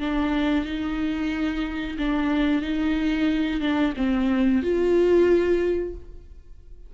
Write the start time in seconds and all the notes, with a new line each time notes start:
0.00 D4
0.65 D#4
1.98 D4
2.62 D#4
3.61 D4
3.97 C4
4.63 F4